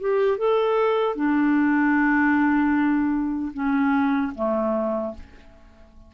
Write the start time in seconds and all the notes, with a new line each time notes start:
0.00 G4
0.38 A4
1.16 D4
3.53 C#4
4.35 A3